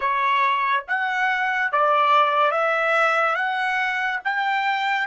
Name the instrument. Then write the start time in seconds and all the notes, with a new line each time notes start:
trumpet
0.00 C#5
0.87 F#5
1.72 D5
2.51 E5
3.35 F#5
4.24 G5